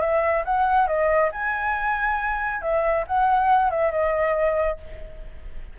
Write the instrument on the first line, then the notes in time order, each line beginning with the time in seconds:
flute
0.00 E5
0.45 F#5
0.87 D#5
1.32 G#5
2.62 E5
3.07 F#5
3.70 E5
3.91 D#5